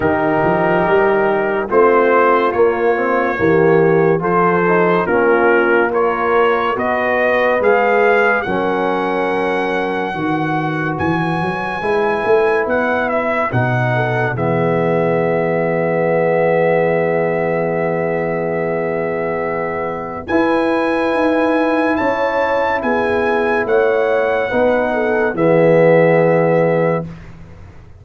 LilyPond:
<<
  \new Staff \with { instrumentName = "trumpet" } { \time 4/4 \tempo 4 = 71 ais'2 c''4 cis''4~ | cis''4 c''4 ais'4 cis''4 | dis''4 f''4 fis''2~ | fis''4 gis''2 fis''8 e''8 |
fis''4 e''2.~ | e''1 | gis''2 a''4 gis''4 | fis''2 e''2 | }
  \new Staff \with { instrumentName = "horn" } { \time 4/4 g'2 f'2 | g'4 a'4 f'4 ais'4 | b'2 ais'2 | b'1~ |
b'8 a'8 gis'2.~ | gis'1 | b'2 cis''4 gis'4 | cis''4 b'8 a'8 gis'2 | }
  \new Staff \with { instrumentName = "trombone" } { \time 4/4 dis'2 c'4 ais8 c'8 | ais4 f'8 dis'8 cis'4 f'4 | fis'4 gis'4 cis'2 | fis'2 e'2 |
dis'4 b2.~ | b1 | e'1~ | e'4 dis'4 b2 | }
  \new Staff \with { instrumentName = "tuba" } { \time 4/4 dis8 f8 g4 a4 ais4 | e4 f4 ais2 | b4 gis4 fis2 | dis4 e8 fis8 gis8 a8 b4 |
b,4 e2.~ | e1 | e'4 dis'4 cis'4 b4 | a4 b4 e2 | }
>>